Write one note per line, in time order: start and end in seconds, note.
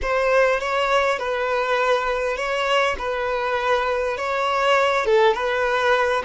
0.02 0.59 C5
0.59 1.19 C#5
1.19 2.36 B4
2.36 2.96 C#5
2.98 4.17 B4
4.17 5.05 C#5
5.05 5.33 A4
5.33 6.22 B4